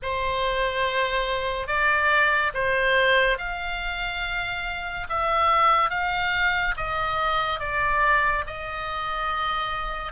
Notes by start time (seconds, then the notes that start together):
0.02 C5
1.67 D5
2.54 C5
3.38 F5
5.09 E5
5.90 F5
6.76 D#5
7.59 D5
8.46 D#5